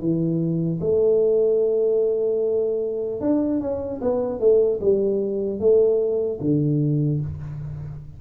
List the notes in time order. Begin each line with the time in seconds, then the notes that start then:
0.00 E3
0.81 A3
3.21 D4
3.61 C#4
4.02 B3
4.40 A3
4.81 G3
5.60 A3
6.41 D3